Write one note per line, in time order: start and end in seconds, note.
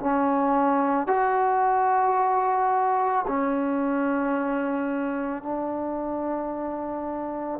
0.00 1.07 C#4
1.07 3.25 F#4
3.27 5.42 C#4
5.42 7.60 D4